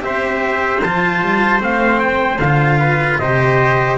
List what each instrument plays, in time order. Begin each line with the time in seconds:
0.00 double bass C4, cello G4, trumpet C5 E5
0.82 double bass F3, cello F4, trumpet A5
1.21 double bass G3
1.59 double bass A3, cello C4, trumpet F5
1.99 trumpet G5
2.38 double bass D3, trumpet F5
2.45 cello F4
2.79 trumpet B4
3.18 double bass C3, cello G4, trumpet C5 D#5